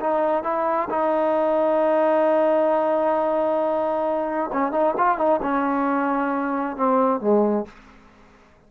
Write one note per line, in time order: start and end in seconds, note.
0.00 0.43 D#4
0.43 0.88 E4
0.89 4.50 D#4
4.52 4.71 C#4
4.71 4.94 D#4
4.97 5.17 F4
5.17 5.40 D#4
5.42 6.76 C#4
6.76 7.20 C4
7.20 7.65 G#3